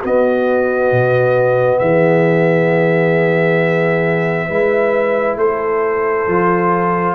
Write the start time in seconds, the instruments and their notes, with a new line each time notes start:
0.00 trombone B3, tuba B3, horn F#4, trumpet D#5
0.91 tuba B2
1.78 tuba E3, horn G#4, trumpet E5
4.48 tuba G#3, trombone E4, horn B4
5.36 tuba A3, horn A4, trumpet C5
6.27 tuba F3, trombone F4